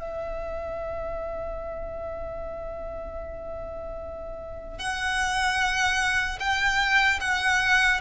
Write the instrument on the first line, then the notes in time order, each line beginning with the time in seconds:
violin
0.00 E5
4.79 F#5
6.40 G5
7.21 F#5